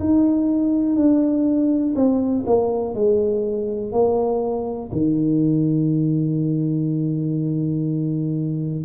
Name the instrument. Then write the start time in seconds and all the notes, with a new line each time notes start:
tuba
0.00 D#4
0.96 D4
1.96 C4
2.47 A#3
2.95 G#3
3.93 A#3
4.92 D#3